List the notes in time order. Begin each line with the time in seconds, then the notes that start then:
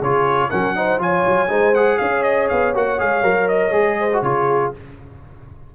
0.00 C#3 F4 G#4 C#5
0.50 F#3 C#4 A#4 F#5
0.76 D#4 C5
0.99 F3 F4 C#5 G#5
1.28 F#3
1.49 G#3 D#4 C5
1.75 G#4 F#5
1.98 C#4 C#5 F5
2.23 D#5
2.49 B3 F5
2.75 A#3 F#4 F#5
2.99 G#3 G#4 F5
3.23 F#3 A#4
3.49 D#5
3.72 G#3 G#4
3.99 C5
4.14 F#4
4.22 C#3 F4 G#4 C#5